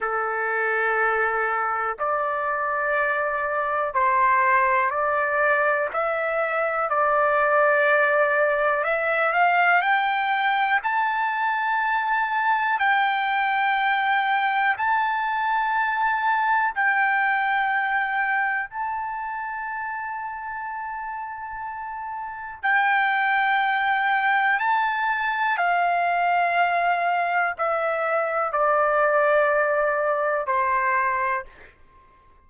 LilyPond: \new Staff \with { instrumentName = "trumpet" } { \time 4/4 \tempo 4 = 61 a'2 d''2 | c''4 d''4 e''4 d''4~ | d''4 e''8 f''8 g''4 a''4~ | a''4 g''2 a''4~ |
a''4 g''2 a''4~ | a''2. g''4~ | g''4 a''4 f''2 | e''4 d''2 c''4 | }